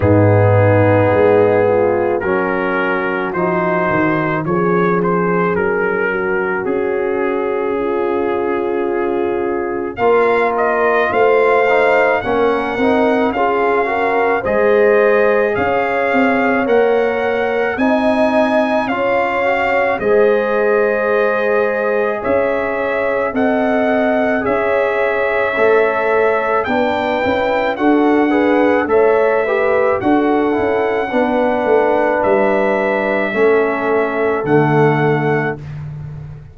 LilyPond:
<<
  \new Staff \with { instrumentName = "trumpet" } { \time 4/4 \tempo 4 = 54 gis'2 ais'4 c''4 | cis''8 c''8 ais'4 gis'2~ | gis'4 f''8 dis''8 f''4 fis''4 | f''4 dis''4 f''4 fis''4 |
gis''4 f''4 dis''2 | e''4 fis''4 e''2 | g''4 fis''4 e''4 fis''4~ | fis''4 e''2 fis''4 | }
  \new Staff \with { instrumentName = "horn" } { \time 4/4 dis'4. f'8 fis'2 | gis'4. fis'4. f'4~ | f'4 ais'4 c''4 ais'4 | gis'8 ais'8 c''4 cis''2 |
dis''4 cis''4 c''2 | cis''4 dis''4 cis''2 | b'4 a'8 b'8 cis''8 b'8 a'4 | b'2 a'2 | }
  \new Staff \with { instrumentName = "trombone" } { \time 4/4 b2 cis'4 dis'4 | cis'1~ | cis'4 f'4. dis'8 cis'8 dis'8 | f'8 fis'8 gis'2 ais'4 |
dis'4 f'8 fis'8 gis'2~ | gis'4 a'4 gis'4 a'4 | d'8 e'8 fis'8 gis'8 a'8 g'8 fis'8 e'8 | d'2 cis'4 a4 | }
  \new Staff \with { instrumentName = "tuba" } { \time 4/4 gis,4 gis4 fis4 f8 dis8 | f4 fis4 cis'2~ | cis'4 ais4 a4 ais8 c'8 | cis'4 gis4 cis'8 c'8 ais4 |
c'4 cis'4 gis2 | cis'4 c'4 cis'4 a4 | b8 cis'8 d'4 a4 d'8 cis'8 | b8 a8 g4 a4 d4 | }
>>